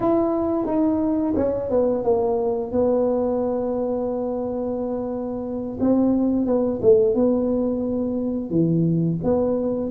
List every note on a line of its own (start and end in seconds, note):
0.00 0.66 E4
0.66 1.34 D#4
1.35 1.70 C#4
1.70 2.04 B3
2.04 2.71 A#3
2.71 5.78 B3
5.80 6.46 C4
6.46 6.80 B3
6.82 7.14 A3
7.14 8.49 B3
8.49 9.18 E3
9.23 9.90 B3